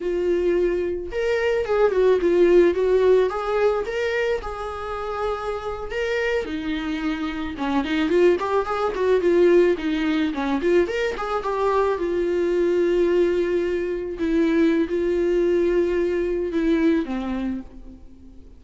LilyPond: \new Staff \with { instrumentName = "viola" } { \time 4/4 \tempo 4 = 109 f'2 ais'4 gis'8 fis'8 | f'4 fis'4 gis'4 ais'4 | gis'2~ gis'8. ais'4 dis'16~ | dis'4.~ dis'16 cis'8 dis'8 f'8 g'8 gis'16~ |
gis'16 fis'8 f'4 dis'4 cis'8 f'8 ais'16~ | ais'16 gis'8 g'4 f'2~ f'16~ | f'4.~ f'16 e'4~ e'16 f'4~ | f'2 e'4 c'4 | }